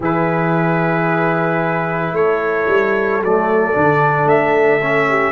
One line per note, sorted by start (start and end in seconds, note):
0.00 2.12 E3
0.00 3.23 E4
0.00 2.14 G#4
0.00 2.15 B4
2.12 2.65 A3
2.12 5.09 A4
2.12 3.22 C#5
2.67 3.20 G3
3.20 3.74 F#3
3.20 3.73 A3
3.20 4.28 D5
3.73 4.25 D3
3.73 4.80 D4
4.25 5.31 A3
4.25 5.31 E5
4.81 5.31 C#4
5.09 5.31 G4